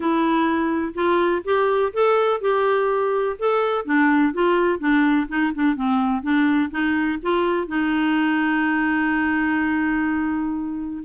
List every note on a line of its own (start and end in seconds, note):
0.00 0.93 E4
0.94 1.42 F4
1.44 1.92 G4
1.93 2.40 A4
2.40 3.36 G4
3.38 3.85 A4
3.85 4.33 D4
4.33 4.79 F4
4.79 5.27 D4
5.28 5.52 D#4
5.54 5.75 D4
5.75 6.22 C4
6.22 6.70 D4
6.70 7.18 D#4
7.22 7.67 F4
7.67 11.03 D#4